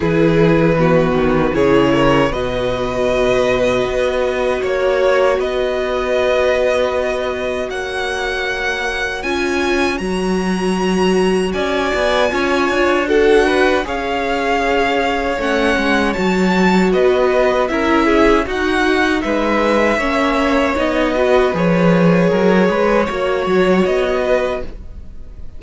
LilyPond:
<<
  \new Staff \with { instrumentName = "violin" } { \time 4/4 \tempo 4 = 78 b'2 cis''4 dis''4~ | dis''2 cis''4 dis''4~ | dis''2 fis''2 | gis''4 ais''2 gis''4~ |
gis''4 fis''4 f''2 | fis''4 a''4 dis''4 e''4 | fis''4 e''2 dis''4 | cis''2. dis''4 | }
  \new Staff \with { instrumentName = "violin" } { \time 4/4 gis'4 fis'4 gis'8 ais'8 b'4~ | b'2 cis''4 b'4~ | b'2 cis''2~ | cis''2. d''4 |
cis''4 a'8 b'8 cis''2~ | cis''2 b'4 ais'8 gis'8 | fis'4 b'4 cis''4. b'8~ | b'4 ais'8 b'8 cis''4. b'8 | }
  \new Staff \with { instrumentName = "viola" } { \time 4/4 e'4 b4 e'4 fis'4~ | fis'1~ | fis'1 | f'4 fis'2. |
f'4 fis'4 gis'2 | cis'4 fis'2 e'4 | dis'2 cis'4 dis'8 fis'8 | gis'2 fis'2 | }
  \new Staff \with { instrumentName = "cello" } { \time 4/4 e4. dis8 cis4 b,4~ | b,4 b4 ais4 b4~ | b2 ais2 | cis'4 fis2 cis'8 b8 |
cis'8 d'4. cis'2 | a8 gis8 fis4 b4 cis'4 | dis'4 gis4 ais4 b4 | f4 fis8 gis8 ais8 fis8 b4 | }
>>